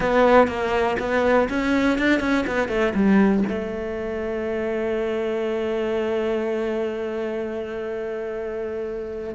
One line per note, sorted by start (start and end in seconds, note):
0.00 0.47 B3
0.47 0.96 A#3
0.99 1.48 B3
1.49 1.98 C#4
1.98 2.20 D4
2.20 2.44 C#4
2.47 2.68 B3
2.68 2.93 A3
2.94 3.43 G3
3.48 9.34 A3